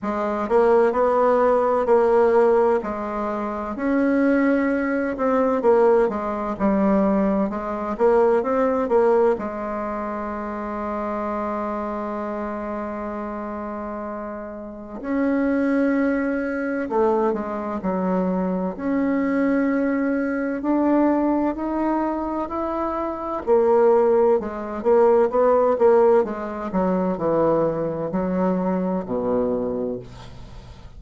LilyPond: \new Staff \with { instrumentName = "bassoon" } { \time 4/4 \tempo 4 = 64 gis8 ais8 b4 ais4 gis4 | cis'4. c'8 ais8 gis8 g4 | gis8 ais8 c'8 ais8 gis2~ | gis1 |
cis'2 a8 gis8 fis4 | cis'2 d'4 dis'4 | e'4 ais4 gis8 ais8 b8 ais8 | gis8 fis8 e4 fis4 b,4 | }